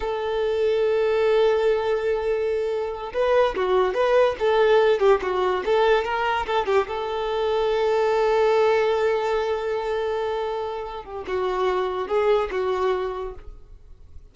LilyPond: \new Staff \with { instrumentName = "violin" } { \time 4/4 \tempo 4 = 144 a'1~ | a'2.~ a'8 b'8~ | b'8 fis'4 b'4 a'4. | g'8 fis'4 a'4 ais'4 a'8 |
g'8 a'2.~ a'8~ | a'1~ | a'2~ a'8 g'8 fis'4~ | fis'4 gis'4 fis'2 | }